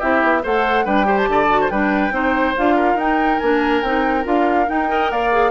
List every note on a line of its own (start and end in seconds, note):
0.00 0.23 C4
0.00 0.43 E4
0.00 0.43 G4
0.00 0.44 E5
0.23 0.45 B3
0.43 0.86 A3
0.43 0.86 A4
0.43 0.85 C5
0.43 0.87 F#5
0.85 1.28 G3
0.85 1.05 D4
0.85 1.07 B4
0.85 1.18 G5
1.05 1.47 G4
1.05 1.29 C5
1.18 1.70 A5
1.28 1.71 D3
1.28 1.62 D5
1.49 1.71 F#4
1.62 1.72 C5
1.70 2.11 G3
1.70 2.12 D4
1.70 2.14 B4
1.70 2.55 G5
2.11 2.54 C4
2.11 2.55 D#4
2.11 2.76 C5
2.57 2.95 D4
2.57 3.00 F4
2.57 3.00 F5
2.76 4.89 A#4
2.95 3.37 D#4
2.95 3.42 D#4
2.95 3.40 G5
3.40 3.83 A#3
3.40 3.85 D4
3.40 3.82 G#5
3.82 4.25 C4
3.82 4.24 D#4
3.82 4.25 G5
4.24 4.69 D4
4.24 4.67 F4
4.24 4.69 F5
4.68 4.88 D#4
4.68 5.12 D#4
4.68 5.11 G5
4.88 5.31 A#4
4.88 5.12 D#5
5.11 5.51 A#3
5.11 5.51 D5
5.11 5.51 F5
5.32 5.51 G#4